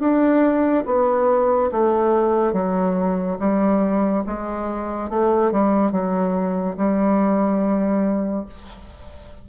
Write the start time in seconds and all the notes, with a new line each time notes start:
0.00 D4
0.86 B3
1.72 A3
2.53 F#3
3.40 G3
4.27 G#3
5.10 A3
5.52 G3
5.92 F#3
6.77 G3